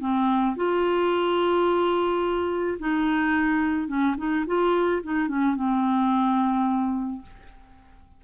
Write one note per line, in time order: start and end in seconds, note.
0.00 0.56 C4
0.56 2.78 F4
2.79 3.88 D#4
3.88 4.15 C#4
4.17 4.45 D#4
4.47 5.02 F4
5.03 5.28 D#4
5.28 5.55 C#4
5.55 7.22 C4